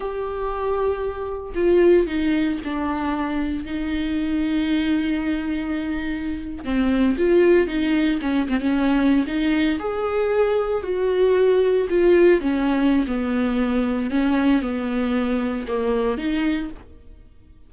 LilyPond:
\new Staff \with { instrumentName = "viola" } { \time 4/4 \tempo 4 = 115 g'2. f'4 | dis'4 d'2 dis'4~ | dis'1~ | dis'8. c'4 f'4 dis'4 cis'16~ |
cis'16 c'16 cis'4~ cis'16 dis'4 gis'4~ gis'16~ | gis'8. fis'2 f'4 cis'16~ | cis'4 b2 cis'4 | b2 ais4 dis'4 | }